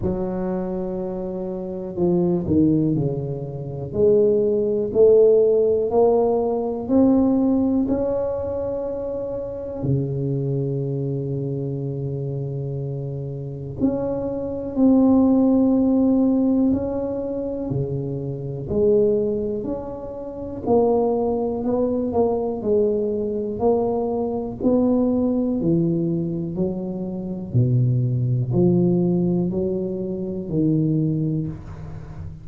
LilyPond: \new Staff \with { instrumentName = "tuba" } { \time 4/4 \tempo 4 = 61 fis2 f8 dis8 cis4 | gis4 a4 ais4 c'4 | cis'2 cis2~ | cis2 cis'4 c'4~ |
c'4 cis'4 cis4 gis4 | cis'4 ais4 b8 ais8 gis4 | ais4 b4 e4 fis4 | b,4 f4 fis4 dis4 | }